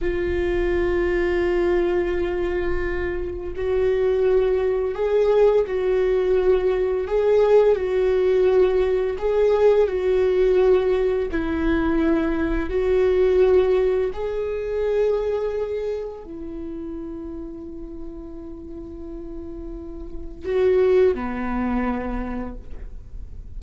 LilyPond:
\new Staff \with { instrumentName = "viola" } { \time 4/4 \tempo 4 = 85 f'1~ | f'4 fis'2 gis'4 | fis'2 gis'4 fis'4~ | fis'4 gis'4 fis'2 |
e'2 fis'2 | gis'2. e'4~ | e'1~ | e'4 fis'4 b2 | }